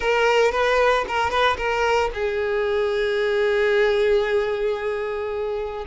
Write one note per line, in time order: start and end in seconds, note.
0.00 0.51 A#4
0.51 1.04 B4
1.07 1.30 A#4
1.30 1.56 B4
1.57 2.10 A#4
2.14 5.85 G#4